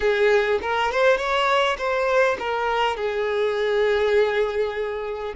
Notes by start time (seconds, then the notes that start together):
0.00 G#4
0.61 A#4
0.91 C5
1.17 C#5
1.77 C5
2.39 A#4
2.96 G#4